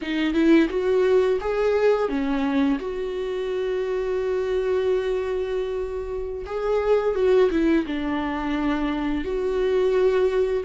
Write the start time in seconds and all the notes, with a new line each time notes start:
0.01 D#4
0.33 E4
0.69 F#4
1.40 G#4
2.09 C#4
2.79 F#4
6.45 G#4
7.15 F#4
7.50 E4
7.86 D4
9.24 F#4